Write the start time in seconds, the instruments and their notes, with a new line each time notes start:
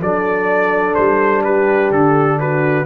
0.00 tuba F#3, trombone D4, horn A4, trumpet D5
0.94 tuba G3, trumpet C5
1.43 horn G4, trumpet B4
1.90 tuba D3, trumpet A4
2.39 horn F#4, trumpet B4